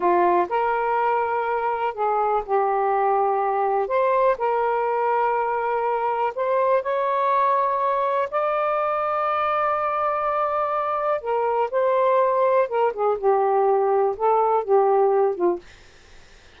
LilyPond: \new Staff \with { instrumentName = "saxophone" } { \time 4/4 \tempo 4 = 123 f'4 ais'2. | gis'4 g'2. | c''4 ais'2.~ | ais'4 c''4 cis''2~ |
cis''4 d''2.~ | d''2. ais'4 | c''2 ais'8 gis'8 g'4~ | g'4 a'4 g'4. f'8 | }